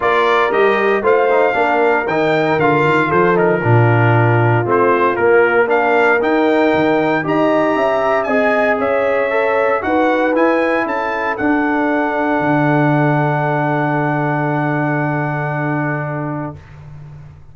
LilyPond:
<<
  \new Staff \with { instrumentName = "trumpet" } { \time 4/4 \tempo 4 = 116 d''4 dis''4 f''2 | g''4 f''4 c''8 ais'4.~ | ais'4 c''4 ais'4 f''4 | g''2 ais''2 |
gis''4 e''2 fis''4 | gis''4 a''4 fis''2~ | fis''1~ | fis''1 | }
  \new Staff \with { instrumentName = "horn" } { \time 4/4 ais'2 c''4 ais'4~ | ais'2 a'4 f'4~ | f'2. ais'4~ | ais'2 dis''4 e''4 |
dis''4 cis''2 b'4~ | b'4 a'2.~ | a'1~ | a'1 | }
  \new Staff \with { instrumentName = "trombone" } { \time 4/4 f'4 g'4 f'8 dis'8 d'4 | dis'4 f'4. dis'8 d'4~ | d'4 c'4 ais4 d'4 | dis'2 g'2 |
gis'2 a'4 fis'4 | e'2 d'2~ | d'1~ | d'1 | }
  \new Staff \with { instrumentName = "tuba" } { \time 4/4 ais4 g4 a4 ais4 | dis4 d8 dis8 f4 ais,4~ | ais,4 a4 ais2 | dis'4 dis4 dis'4 cis'4 |
c'4 cis'2 dis'4 | e'4 cis'4 d'2 | d1~ | d1 | }
>>